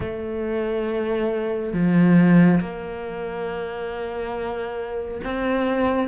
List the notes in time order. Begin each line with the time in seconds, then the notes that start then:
0.00 A3
1.73 F3
2.60 A#3
5.23 C4